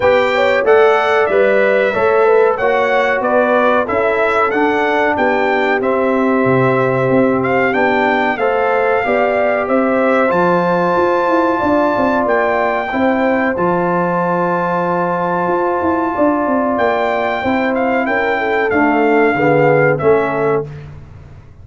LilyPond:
<<
  \new Staff \with { instrumentName = "trumpet" } { \time 4/4 \tempo 4 = 93 g''4 fis''4 e''2 | fis''4 d''4 e''4 fis''4 | g''4 e''2~ e''8 f''8 | g''4 f''2 e''4 |
a''2. g''4~ | g''4 a''2.~ | a''2 g''4. f''8 | g''4 f''2 e''4 | }
  \new Staff \with { instrumentName = "horn" } { \time 4/4 b'8 cis''8 d''2 cis''8 b'8 | cis''4 b'4 a'2 | g'1~ | g'4 c''4 d''4 c''4~ |
c''2 d''2 | c''1~ | c''4 d''2 c''4 | ais'8 a'4. gis'4 a'4 | }
  \new Staff \with { instrumentName = "trombone" } { \time 4/4 g'4 a'4 b'4 a'4 | fis'2 e'4 d'4~ | d'4 c'2. | d'4 a'4 g'2 |
f'1 | e'4 f'2.~ | f'2. e'4~ | e'4 a4 b4 cis'4 | }
  \new Staff \with { instrumentName = "tuba" } { \time 4/4 b4 a4 g4 a4 | ais4 b4 cis'4 d'4 | b4 c'4 c4 c'4 | b4 a4 b4 c'4 |
f4 f'8 e'8 d'8 c'8 ais4 | c'4 f2. | f'8 e'8 d'8 c'8 ais4 c'4 | cis'4 d'4 d4 a4 | }
>>